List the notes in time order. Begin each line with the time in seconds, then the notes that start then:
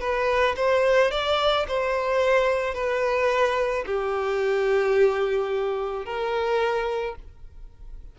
0.00 B4
0.56 C5
1.11 D5
1.68 C5
2.74 B4
3.86 G4
6.05 A#4